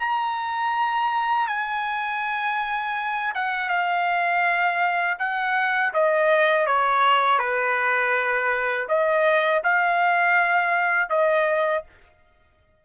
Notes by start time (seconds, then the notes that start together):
0.00 A#5
1.48 G#5
3.35 F#5
3.70 F5
5.19 F#5
5.94 D#5
6.67 C#5
7.39 B4
8.89 D#5
9.64 F5
11.10 D#5